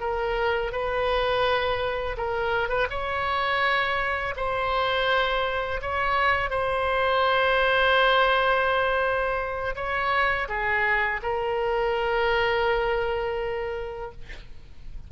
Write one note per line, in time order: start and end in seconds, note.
0.00 0.72 A#4
0.72 2.17 B4
2.17 2.69 A#4
2.69 2.87 B4
2.90 4.34 C#5
4.36 5.81 C5
5.82 6.50 C#5
6.50 9.75 C5
9.76 10.48 C#5
10.48 11.20 G#4
11.22 14.11 A#4